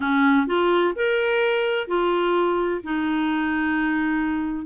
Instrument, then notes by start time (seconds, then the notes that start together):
clarinet
0.00 C#4
0.47 F4
0.95 A#4
1.87 F4
2.83 D#4